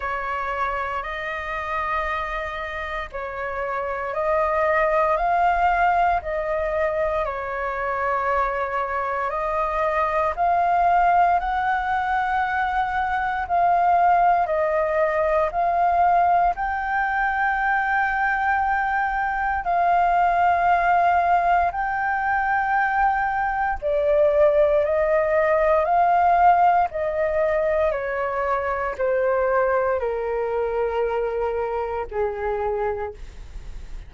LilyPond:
\new Staff \with { instrumentName = "flute" } { \time 4/4 \tempo 4 = 58 cis''4 dis''2 cis''4 | dis''4 f''4 dis''4 cis''4~ | cis''4 dis''4 f''4 fis''4~ | fis''4 f''4 dis''4 f''4 |
g''2. f''4~ | f''4 g''2 d''4 | dis''4 f''4 dis''4 cis''4 | c''4 ais'2 gis'4 | }